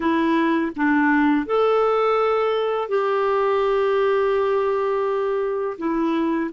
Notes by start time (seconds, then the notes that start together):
0.00 E4
0.76 D4
1.46 A4
2.88 G4
5.78 E4